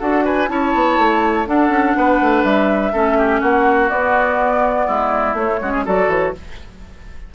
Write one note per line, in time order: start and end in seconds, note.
0.00 0.49 D4
0.00 0.48 F#4
0.00 0.24 A4
0.00 0.25 F#5
0.25 0.49 B4
0.25 0.49 G#5
0.48 0.74 C#4
0.48 1.46 E4
0.48 1.49 C#5
0.48 1.47 A5
0.75 0.98 B3
0.98 1.47 A3
1.46 2.93 D4
1.46 1.70 D4
1.46 1.97 A4
1.46 2.44 F#5
1.70 1.94 C#4
1.97 2.21 B3
1.97 2.93 B4
2.21 2.44 A3
2.44 2.93 G3
2.44 3.42 E5
2.93 3.42 A3
2.93 3.90 C#4
2.93 3.18 A4
3.18 3.41 G4
3.41 3.91 A#3
3.41 4.87 F#4
3.41 3.90 F#5
3.90 5.37 B3
3.90 4.89 B3
3.90 5.36 D5
4.87 5.34 G#3
4.87 5.60 E4
5.34 5.58 A3
5.34 5.62 A3
5.34 5.86 C#5
5.62 5.86 G#3
5.62 5.86 C#4
5.62 5.72 F#4
5.72 5.84 G#4
5.86 6.08 F#3
5.86 6.35 F#4
5.86 6.35 A4
5.86 6.11 D5
6.08 6.32 E3
6.08 6.35 C#5